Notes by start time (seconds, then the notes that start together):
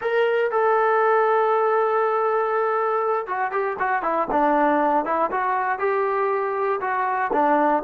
0.01 A#4
0.51 A4
3.27 F#4
3.51 G4
3.79 F#4
4.02 E4
4.31 D4
5.05 E4
5.31 F#4
5.78 G4
6.80 F#4
7.32 D4